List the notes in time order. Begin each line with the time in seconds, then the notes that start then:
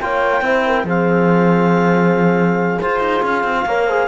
0.00 A#3 F4 C#5 G5
0.41 C4 E4 C5
0.66 A#4
0.84 F3 C4 G#4 F5
2.80 F4 C5
2.99 D#4
3.22 C#4 F5
3.43 C4
3.65 A#3 A#4 C#5
3.86 G#4 C5